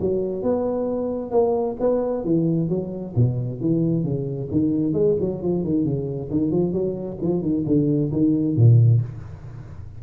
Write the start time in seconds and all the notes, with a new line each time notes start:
0.00 F#3
0.43 B3
1.31 A#3
1.80 B3
2.24 E3
2.69 F#3
3.16 B2
3.60 E3
4.04 C#3
4.51 D#3
4.93 G#3
5.20 F#3
5.42 F3
5.64 D#3
5.84 C#3
6.31 D#3
6.51 F3
6.72 F#3
7.21 F3
7.41 D#3
7.66 D3
8.12 D#3
8.56 A#2